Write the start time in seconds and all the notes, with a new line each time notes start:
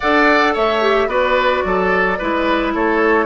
0.00 D4 A4 D5 F#5
0.53 A3 C#5 E5
0.81 G4
1.06 B3 F#4 B4 D5
1.64 F#3 A4
2.18 G#3 E4 B4
2.74 A3 A4 C#5